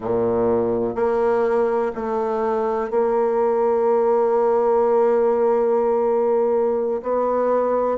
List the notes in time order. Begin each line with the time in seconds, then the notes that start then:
0.00 A#2
0.95 A#3
1.95 A3
2.90 A#3
7.02 B3